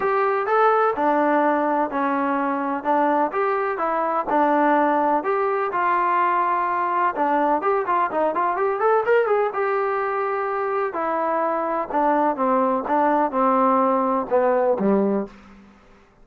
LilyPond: \new Staff \with { instrumentName = "trombone" } { \time 4/4 \tempo 4 = 126 g'4 a'4 d'2 | cis'2 d'4 g'4 | e'4 d'2 g'4 | f'2. d'4 |
g'8 f'8 dis'8 f'8 g'8 a'8 ais'8 gis'8 | g'2. e'4~ | e'4 d'4 c'4 d'4 | c'2 b4 g4 | }